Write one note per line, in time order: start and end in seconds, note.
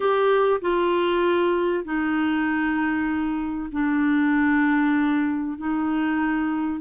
0.00 0.60 G4
0.61 1.84 F4
1.84 3.70 D#4
3.72 5.57 D4
5.57 6.80 D#4